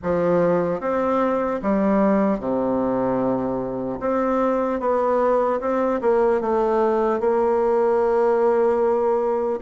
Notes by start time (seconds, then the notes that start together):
0.03 F3
0.80 C4
1.62 G3
2.39 C3
4.00 C4
4.80 B3
5.60 C4
6.01 A#3
6.40 A3
7.20 A#3